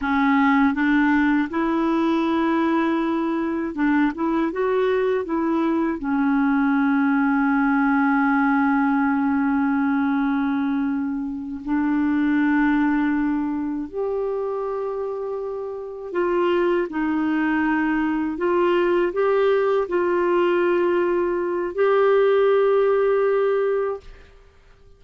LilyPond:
\new Staff \with { instrumentName = "clarinet" } { \time 4/4 \tempo 4 = 80 cis'4 d'4 e'2~ | e'4 d'8 e'8 fis'4 e'4 | cis'1~ | cis'2.~ cis'8 d'8~ |
d'2~ d'8 g'4.~ | g'4. f'4 dis'4.~ | dis'8 f'4 g'4 f'4.~ | f'4 g'2. | }